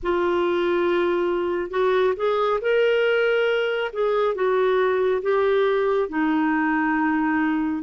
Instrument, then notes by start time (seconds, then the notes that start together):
clarinet
0.02 F4
1.70 F#4
2.16 G#4
2.61 A#4
3.92 G#4
4.34 F#4
5.22 G4
6.08 D#4